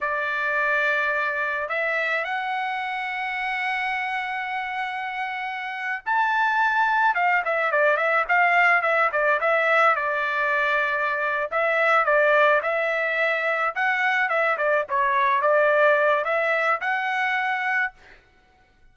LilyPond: \new Staff \with { instrumentName = "trumpet" } { \time 4/4 \tempo 4 = 107 d''2. e''4 | fis''1~ | fis''2~ fis''8. a''4~ a''16~ | a''8. f''8 e''8 d''8 e''8 f''4 e''16~ |
e''16 d''8 e''4 d''2~ d''16~ | d''8 e''4 d''4 e''4.~ | e''8 fis''4 e''8 d''8 cis''4 d''8~ | d''4 e''4 fis''2 | }